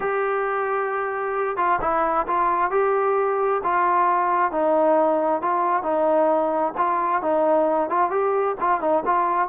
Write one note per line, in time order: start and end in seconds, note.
0.00 1.56 G4
1.56 1.79 F4
1.81 2.26 E4
2.27 2.70 F4
2.70 3.61 G4
3.63 4.51 F4
4.51 5.41 D#4
5.41 5.83 F4
5.83 6.73 D#4
6.77 7.22 F4
7.22 7.89 D#4
7.89 8.10 F4
8.10 8.55 G4
8.60 8.80 F4
8.80 9.03 D#4
9.05 9.48 F4